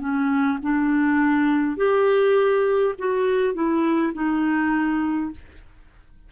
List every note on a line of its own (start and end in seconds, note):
0.00 0.59 C#4
0.63 1.77 D4
1.77 2.95 G4
2.99 3.55 F#4
3.55 4.13 E4
4.14 5.32 D#4